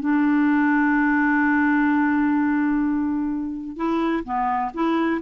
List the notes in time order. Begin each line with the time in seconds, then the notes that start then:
0.00 D4
3.76 E4
4.25 B3
4.74 E4